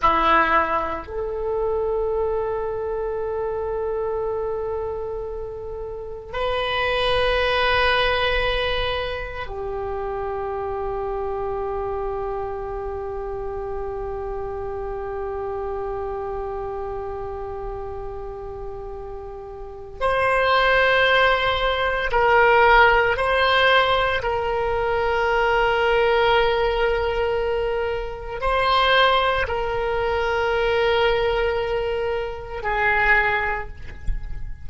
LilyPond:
\new Staff \with { instrumentName = "oboe" } { \time 4/4 \tempo 4 = 57 e'4 a'2.~ | a'2 b'2~ | b'4 g'2.~ | g'1~ |
g'2. c''4~ | c''4 ais'4 c''4 ais'4~ | ais'2. c''4 | ais'2. gis'4 | }